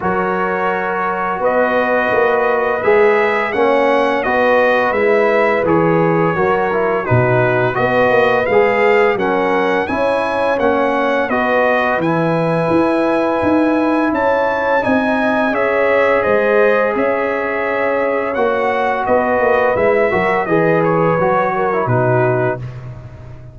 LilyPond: <<
  \new Staff \with { instrumentName = "trumpet" } { \time 4/4 \tempo 4 = 85 cis''2 dis''2 | e''4 fis''4 dis''4 e''4 | cis''2 b'4 dis''4 | f''4 fis''4 gis''4 fis''4 |
dis''4 gis''2. | a''4 gis''4 e''4 dis''4 | e''2 fis''4 dis''4 | e''4 dis''8 cis''4. b'4 | }
  \new Staff \with { instrumentName = "horn" } { \time 4/4 ais'2 b'2~ | b'4 cis''4 b'2~ | b'4 ais'4 fis'4 b'4~ | b'4 ais'4 cis''2 |
b'1 | cis''4 dis''4 cis''4 c''4 | cis''2. b'4~ | b'8 ais'8 b'4. ais'8 fis'4 | }
  \new Staff \with { instrumentName = "trombone" } { \time 4/4 fis'1 | gis'4 cis'4 fis'4 e'4 | gis'4 fis'8 e'8 dis'4 fis'4 | gis'4 cis'4 e'4 cis'4 |
fis'4 e'2.~ | e'4 dis'4 gis'2~ | gis'2 fis'2 | e'8 fis'8 gis'4 fis'8. e'16 dis'4 | }
  \new Staff \with { instrumentName = "tuba" } { \time 4/4 fis2 b4 ais4 | gis4 ais4 b4 gis4 | e4 fis4 b,4 b8 ais8 | gis4 fis4 cis'4 ais4 |
b4 e4 e'4 dis'4 | cis'4 c'4 cis'4 gis4 | cis'2 ais4 b8 ais8 | gis8 fis8 e4 fis4 b,4 | }
>>